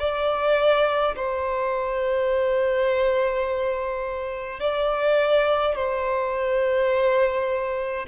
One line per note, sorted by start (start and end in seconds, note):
0.00 1.15 D5
1.16 4.60 C5
4.60 5.76 D5
5.76 8.07 C5